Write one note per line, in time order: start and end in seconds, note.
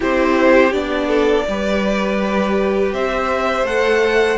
0.00 0.72 C4
0.00 0.72 E4
0.00 1.07 G4
0.00 0.72 C5
0.72 1.45 B3
0.72 1.45 D4
0.72 2.92 D5
1.07 1.44 A4
1.48 2.92 G3
1.48 3.65 G4
1.48 2.94 B4
2.92 3.62 C4
2.92 4.37 C5
2.92 3.66 E5
3.62 4.36 A3
3.62 4.37 A4
3.62 4.37 F#5